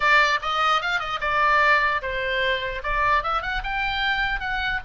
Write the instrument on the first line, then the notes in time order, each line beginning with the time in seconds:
oboe
0.00 D5
0.42 D#5
0.81 F5
0.99 D#5
1.20 D5
2.02 C5
2.83 D5
3.23 E5
3.42 F#5
3.63 G5
4.40 F#5